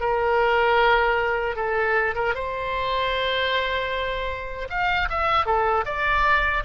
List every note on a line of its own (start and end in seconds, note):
0.00 1.56 A#4
1.56 2.14 A4
2.15 2.34 A#4
2.34 4.68 C5
4.70 5.09 F5
5.10 5.45 E5
5.45 5.84 A4
5.85 6.63 D5